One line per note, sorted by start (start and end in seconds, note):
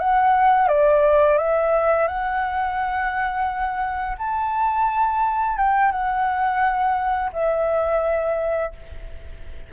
0.00 0.68 F#5
0.68 1.38 D5
1.38 2.08 E5
2.08 4.17 F#5
4.19 5.58 A5
5.58 5.92 G5
5.92 7.32 F#5
7.33 8.73 E5